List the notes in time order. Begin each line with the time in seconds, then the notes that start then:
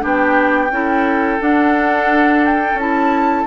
0.00 B3 D4 G4 G5
0.70 C#4 E4 A4
1.40 D4 F#5
2.44 G5
2.74 C#4 E4 A5